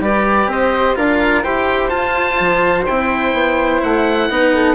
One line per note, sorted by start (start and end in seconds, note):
0.00 0.47 G3
0.00 0.96 G4
0.00 0.50 B4
0.00 0.51 D5
0.47 0.94 C4
0.47 0.96 C5
0.47 0.97 D#5
0.96 1.44 D4
0.96 1.43 F4
0.96 1.44 A#4
0.96 1.43 F5
1.43 1.91 E4
1.43 1.89 G4
1.43 4.29 C5
1.43 1.89 G5
1.89 2.85 F4
1.89 2.39 F4
1.89 2.84 A5
2.40 2.87 F3
2.86 3.33 C4
2.86 4.30 E4
2.86 3.82 G5
3.33 3.81 B3
3.83 4.29 A3
3.83 4.75 F#5
4.29 4.75 B3
4.29 4.75 D#4
4.29 4.54 B4
4.54 4.75 A4